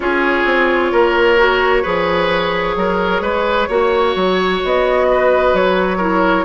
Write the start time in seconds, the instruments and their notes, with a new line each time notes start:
0.00 bassoon C#4, clarinet F4, oboe G#4, flute C#5
0.45 bassoon C4
0.92 bassoon A#3, oboe A#4
1.38 clarinet F#4
1.82 bassoon F3, clarinet G#4, oboe B4
2.76 bassoon F#3, oboe A#4
3.20 bassoon G#3, oboe B4
3.68 bassoon A#3, clarinet F#4, oboe C#5
4.15 bassoon F#3
4.63 bassoon B3, flute D#5
5.11 oboe B4
5.53 bassoon F#3, flute C#5
5.97 clarinet E4, oboe A#4